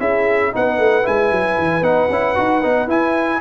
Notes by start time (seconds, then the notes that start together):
0.00 C#4 E4 G#4 E5
0.52 B3 D#4 B4 F#5
0.78 A3
1.03 G#3 E4 G#5
1.31 F#3
1.58 E3
1.82 B3 D#4 F#5
2.10 C#4 E4
2.35 D#4 F#4
2.63 B3 D#4
2.88 E4 G#5